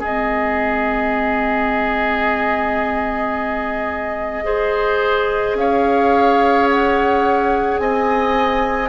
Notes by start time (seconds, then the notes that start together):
0.00 G#3 C4 G#4 D#5
4.44 G#4 C5
5.54 C#4 F5
5.60 C#5
6.70 F#5
7.78 C4 D#5 G#5